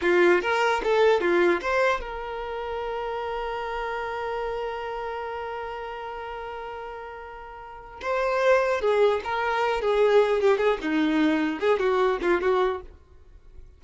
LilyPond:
\new Staff \with { instrumentName = "violin" } { \time 4/4 \tempo 4 = 150 f'4 ais'4 a'4 f'4 | c''4 ais'2.~ | ais'1~ | ais'1~ |
ais'1 | c''2 gis'4 ais'4~ | ais'8 gis'4. g'8 gis'8 dis'4~ | dis'4 gis'8 fis'4 f'8 fis'4 | }